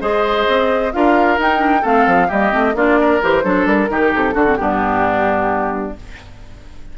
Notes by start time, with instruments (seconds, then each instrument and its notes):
0.00 bassoon G#3, clarinet G#4, oboe C5, flute D#5
0.48 bassoon C4
0.93 bassoon D4, clarinet F4, oboe A#4, flute F5
1.38 bassoon D#4, clarinet D#4, flute G5
1.57 clarinet D4
1.82 bassoon A3, clarinet C4, oboe A4, flute F5
2.06 bassoon F3
2.28 bassoon G3, clarinet A#3, oboe G4, flute D#5
2.52 bassoon A3, clarinet C4
2.74 bassoon A#3, clarinet D4, oboe F4, flute D5
3.01 oboe A#4
3.22 bassoon E3, clarinet G4, flute C5
3.44 bassoon F#3, clarinet D4, oboe A4
3.66 bassoon G3, flute A#4
3.89 bassoon D#3, clarinet D#4, oboe G4
4.15 bassoon C3, flute A4
4.33 bassoon D3, clarinet D4, oboe F#4
4.46 clarinet C4
4.57 bassoon G2, clarinet B3, oboe D4, flute G4